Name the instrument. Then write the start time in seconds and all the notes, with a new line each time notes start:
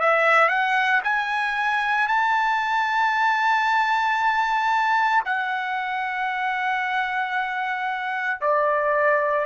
trumpet
0.00 E5
0.48 F#5
1.03 G#5
2.08 A5
5.25 F#5
8.41 D5